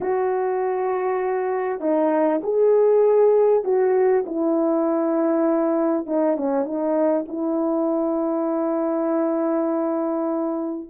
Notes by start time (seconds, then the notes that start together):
0.00 F#4
1.80 D#4
2.43 G#4
3.64 F#4
4.26 E4
6.06 D#4
6.36 C#4
6.64 D#4
7.28 E4